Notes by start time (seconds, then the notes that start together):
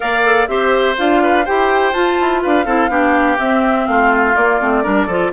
0.00 A#3 A#4 D5 F5
0.24 A4
0.47 C4 G4 C5 E5
0.96 D4 F4 F5
1.22 B4
1.44 E4 G4 C5 G5
1.93 F4 A5
2.20 E4
2.42 D4 B4 F5
2.65 C4 E4 A4
2.88 B3 D4 G4
3.38 C4 E5
3.87 A3 F4 F5
4.35 A#3 D5
4.60 A3 C4
4.83 G3 D4 A#4
5.06 F3 F4 A4